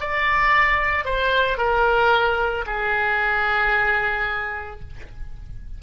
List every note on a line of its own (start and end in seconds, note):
0.00 1.04 D5
1.04 1.57 C5
1.57 2.64 A#4
2.66 4.80 G#4